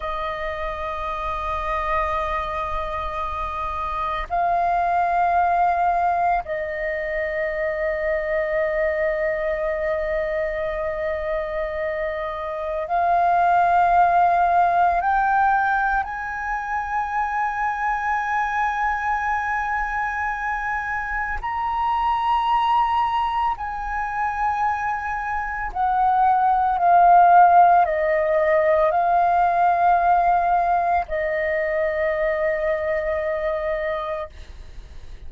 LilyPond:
\new Staff \with { instrumentName = "flute" } { \time 4/4 \tempo 4 = 56 dis''1 | f''2 dis''2~ | dis''1 | f''2 g''4 gis''4~ |
gis''1 | ais''2 gis''2 | fis''4 f''4 dis''4 f''4~ | f''4 dis''2. | }